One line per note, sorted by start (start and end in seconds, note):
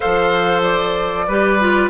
0.00 1.28 F3
0.00 1.27 A4
0.00 1.26 C5
0.00 0.62 F5
0.62 1.89 D5
1.27 1.89 G3
1.27 1.60 G4
1.27 1.89 B4
1.60 1.89 F4